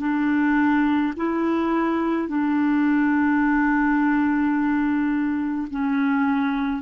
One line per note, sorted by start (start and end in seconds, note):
0.00 1.13 D4
1.16 2.28 E4
2.28 5.68 D4
5.71 6.82 C#4